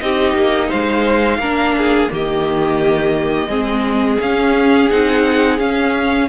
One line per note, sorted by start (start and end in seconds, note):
0.00 0.34 C4
0.00 1.40 D#4
0.00 0.68 G4
0.00 0.69 D#5
0.34 0.69 A#3
0.68 1.37 G#3
0.68 1.38 C5
0.68 2.09 F5
1.37 2.07 A#3
1.37 2.09 D4
1.37 1.75 A#4
1.77 2.12 G#4
2.09 3.47 D#3
2.09 3.48 A#3
2.09 3.49 G4
2.09 4.20 D#5
3.47 4.17 G#3
3.47 4.18 C4
3.47 6.28 G#4
4.20 4.90 C#4
4.20 4.89 F5
4.89 5.59 C4
4.89 5.58 D#4
4.89 5.58 F#5
5.58 6.28 C#4
5.58 6.28 F5